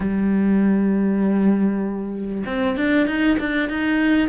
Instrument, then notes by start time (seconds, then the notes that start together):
cello
0.00 G3
2.46 C4
2.77 D4
3.06 D#4
3.39 D4
3.69 D#4